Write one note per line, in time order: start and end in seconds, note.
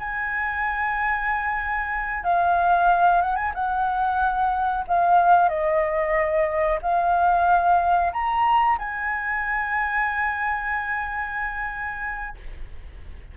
0.00 2.24 G#5
2.24 3.22 F5
3.22 3.36 F#5
3.36 3.52 G#5
3.55 4.85 F#5
4.88 5.50 F5
5.50 6.80 D#5
6.82 8.13 F5
8.13 8.79 A#5
8.79 12.38 G#5